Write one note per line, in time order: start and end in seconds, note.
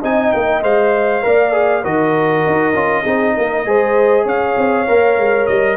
0.00 0.33 C4
0.00 0.62 D#4
0.00 1.21 D#5
0.00 0.32 G#5
0.32 0.62 A#3
0.32 0.62 G5
0.62 1.23 G#3
0.62 1.22 C5
0.62 1.84 F5
1.22 1.84 A#3
1.22 1.52 A#4
1.22 1.82 D5
1.52 1.82 G#4
1.82 2.45 D#3
1.82 2.73 F#4
1.82 3.03 A#4
1.82 4.27 D#5
2.46 2.73 D#4
2.73 3.04 C#4
2.73 3.04 F4
3.03 3.36 C4
3.03 3.65 D#4
3.03 3.33 G#4
3.36 3.65 A#3
3.36 3.66 A#4
3.65 4.25 G#3
3.65 4.86 G#4
3.65 4.24 C5
4.24 4.55 C#4
4.24 5.76 C#5
4.24 5.46 F5
4.57 4.87 C4
4.86 5.17 A#3
4.86 5.76 A#4
5.17 5.47 G#3
5.46 5.76 G3
5.46 5.76 D#5